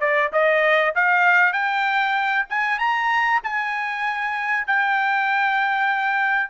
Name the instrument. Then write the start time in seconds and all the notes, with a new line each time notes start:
trumpet
0.00 D5
0.32 D#5
0.95 F5
1.52 G5
2.49 G#5
2.78 A#5
3.43 G#5
4.66 G5